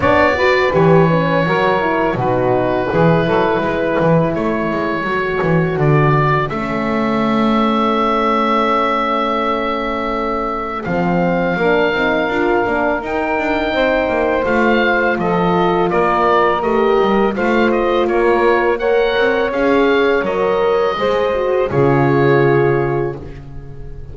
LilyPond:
<<
  \new Staff \with { instrumentName = "oboe" } { \time 4/4 \tempo 4 = 83 d''4 cis''2 b'4~ | b'2 cis''2 | d''4 e''2.~ | e''2. f''4~ |
f''2 g''2 | f''4 dis''4 d''4 dis''4 | f''8 dis''8 cis''4 fis''4 f''4 | dis''2 cis''2 | }
  \new Staff \with { instrumentName = "saxophone" } { \time 4/4 cis''8 b'4. ais'4 fis'4 | gis'8 a'8 b'4 a'2~ | a'1~ | a'1 |
ais'2. c''4~ | c''4 a'4 ais'2 | c''4 ais'4 cis''2~ | cis''4 c''4 gis'2 | }
  \new Staff \with { instrumentName = "horn" } { \time 4/4 d'8 fis'8 g'8 cis'8 fis'8 e'8 dis'4 | e'2. fis'4~ | fis'4 cis'2.~ | cis'2. c'4 |
d'8 dis'8 f'8 d'8 dis'2 | f'2. g'4 | f'2 ais'4 gis'4 | ais'4 gis'8 fis'8 f'2 | }
  \new Staff \with { instrumentName = "double bass" } { \time 4/4 b4 e4 fis4 b,4 | e8 fis8 gis8 e8 a8 gis8 fis8 e8 | d4 a2.~ | a2. f4 |
ais8 c'8 d'8 ais8 dis'8 d'8 c'8 ais8 | a4 f4 ais4 a8 g8 | a4 ais4. c'8 cis'4 | fis4 gis4 cis2 | }
>>